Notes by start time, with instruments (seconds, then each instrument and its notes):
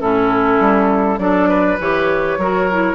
0.00 bassoon A2, clarinet C#4, oboe E4, flute A4
0.60 bassoon G3
1.18 bassoon F#3, clarinet D4, oboe A4, flute D5
1.49 oboe B4
1.80 bassoon E3, clarinet G4, flute C#5
2.38 bassoon F#3, clarinet F#4, oboe A#4
2.71 clarinet E4